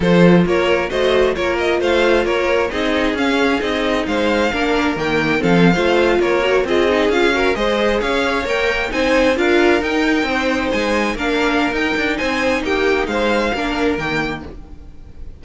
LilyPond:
<<
  \new Staff \with { instrumentName = "violin" } { \time 4/4 \tempo 4 = 133 c''4 cis''4 dis''4 cis''8 dis''8 | f''4 cis''4 dis''4 f''4 | dis''4 f''2 g''4 | f''4.~ f''16 cis''4 dis''4 f''16~ |
f''8. dis''4 f''4 g''4 gis''16~ | gis''8. f''4 g''2 gis''16~ | gis''8. f''4~ f''16 g''4 gis''4 | g''4 f''2 g''4 | }
  \new Staff \with { instrumentName = "violin" } { \time 4/4 a'4 ais'4 c''4 ais'4 | c''4 ais'4 gis'2~ | gis'4 c''4 ais'2 | a'8. c''4 ais'4 gis'4~ gis'16~ |
gis'16 ais'8 c''4 cis''2 c''16~ | c''8. ais'2 c''4~ c''16~ | c''8. ais'2~ ais'16 c''4 | g'4 c''4 ais'2 | }
  \new Staff \with { instrumentName = "viola" } { \time 4/4 f'2 fis'4 f'4~ | f'2 dis'4 cis'4 | dis'2 d'4 ais4 | c'8. f'4. fis'8 f'8 dis'8 f'16~ |
f'16 fis'8 gis'2 ais'4 dis'16~ | dis'8. f'4 dis'2~ dis'16~ | dis'8. d'4~ d'16 dis'2~ | dis'2 d'4 ais4 | }
  \new Staff \with { instrumentName = "cello" } { \time 4/4 f4 ais4 a4 ais4 | a4 ais4 c'4 cis'4 | c'4 gis4 ais4 dis4 | f8. a4 ais4 c'4 cis'16~ |
cis'8. gis4 cis'4 ais4 c'16~ | c'8. d'4 dis'4 c'4 gis16~ | gis8. ais4~ ais16 dis'8 d'8 c'4 | ais4 gis4 ais4 dis4 | }
>>